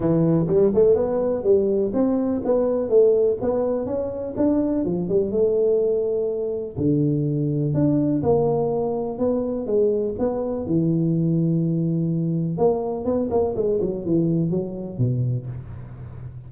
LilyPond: \new Staff \with { instrumentName = "tuba" } { \time 4/4 \tempo 4 = 124 e4 g8 a8 b4 g4 | c'4 b4 a4 b4 | cis'4 d'4 f8 g8 a4~ | a2 d2 |
d'4 ais2 b4 | gis4 b4 e2~ | e2 ais4 b8 ais8 | gis8 fis8 e4 fis4 b,4 | }